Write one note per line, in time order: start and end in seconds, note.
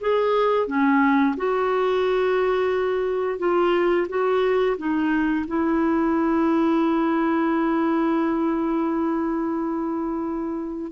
0.00 0.67 G#4
0.67 1.35 C#4
1.36 3.39 F#4
3.39 4.07 F4
4.08 4.77 F#4
4.77 5.45 D#4
5.47 10.92 E4